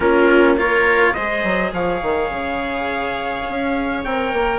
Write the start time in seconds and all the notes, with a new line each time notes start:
0.00 A#3 C#4 F4 A#4
0.57 F4 A#4 C#5
1.13 G#3 G#4 C5 D#5
1.43 F#3
1.72 F3 C#5 F5
2.02 D#3
2.29 C#3
3.48 C#4
4.04 C4 A#4 G5
4.32 A#3